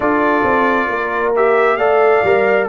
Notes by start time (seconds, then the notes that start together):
0.00 D4 F4 A4 D5
0.43 C4
0.87 A#3 A#4
1.36 G4 E5
1.76 A3 A4 D5 F5
2.23 G3 A#4